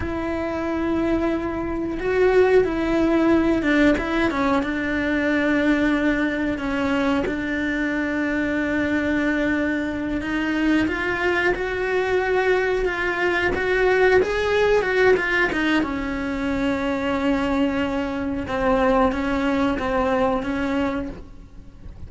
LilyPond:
\new Staff \with { instrumentName = "cello" } { \time 4/4 \tempo 4 = 91 e'2. fis'4 | e'4. d'8 e'8 cis'8 d'4~ | d'2 cis'4 d'4~ | d'2.~ d'8 dis'8~ |
dis'8 f'4 fis'2 f'8~ | f'8 fis'4 gis'4 fis'8 f'8 dis'8 | cis'1 | c'4 cis'4 c'4 cis'4 | }